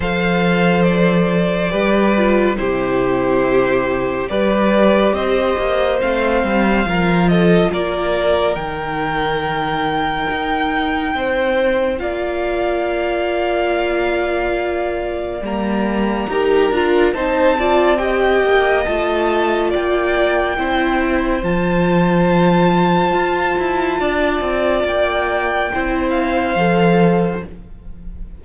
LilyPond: <<
  \new Staff \with { instrumentName = "violin" } { \time 4/4 \tempo 4 = 70 f''4 d''2 c''4~ | c''4 d''4 dis''4 f''4~ | f''8 dis''8 d''4 g''2~ | g''2 f''2~ |
f''2 ais''2 | a''4 g''4 a''4 g''4~ | g''4 a''2.~ | a''4 g''4. f''4. | }
  \new Staff \with { instrumentName = "violin" } { \time 4/4 c''2 b'4 g'4~ | g'4 b'4 c''2 | ais'8 a'8 ais'2.~ | ais'4 c''4 d''2~ |
d''2. ais'4 | c''8 d''8 dis''2 d''4 | c''1 | d''2 c''2 | }
  \new Staff \with { instrumentName = "viola" } { \time 4/4 a'2 g'8 f'8 e'4~ | e'4 g'2 c'4 | f'2 dis'2~ | dis'2 f'2~ |
f'2 ais4 g'8 f'8 | dis'8 f'8 g'4 f'2 | e'4 f'2.~ | f'2 e'4 a'4 | }
  \new Staff \with { instrumentName = "cello" } { \time 4/4 f2 g4 c4~ | c4 g4 c'8 ais8 a8 g8 | f4 ais4 dis2 | dis'4 c'4 ais2~ |
ais2 g4 dis'8 d'8 | c'4. ais8 a4 ais4 | c'4 f2 f'8 e'8 | d'8 c'8 ais4 c'4 f4 | }
>>